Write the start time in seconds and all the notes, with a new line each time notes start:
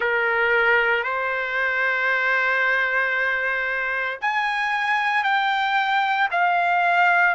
0.00 A#4
1.03 C5
4.21 G#5
5.23 G5
6.31 F5